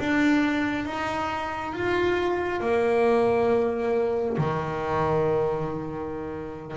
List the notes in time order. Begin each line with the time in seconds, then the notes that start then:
0.00 D4
0.85 D#4
1.73 F4
2.61 A#3
4.38 D#3